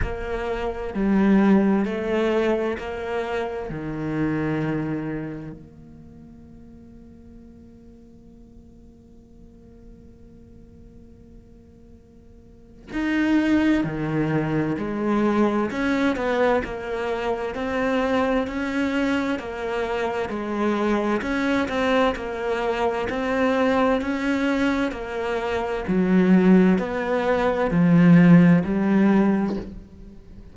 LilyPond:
\new Staff \with { instrumentName = "cello" } { \time 4/4 \tempo 4 = 65 ais4 g4 a4 ais4 | dis2 ais2~ | ais1~ | ais2 dis'4 dis4 |
gis4 cis'8 b8 ais4 c'4 | cis'4 ais4 gis4 cis'8 c'8 | ais4 c'4 cis'4 ais4 | fis4 b4 f4 g4 | }